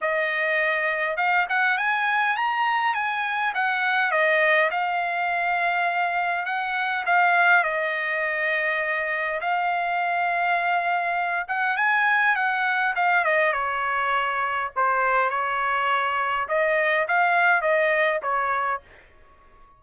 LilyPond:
\new Staff \with { instrumentName = "trumpet" } { \time 4/4 \tempo 4 = 102 dis''2 f''8 fis''8 gis''4 | ais''4 gis''4 fis''4 dis''4 | f''2. fis''4 | f''4 dis''2. |
f''2.~ f''8 fis''8 | gis''4 fis''4 f''8 dis''8 cis''4~ | cis''4 c''4 cis''2 | dis''4 f''4 dis''4 cis''4 | }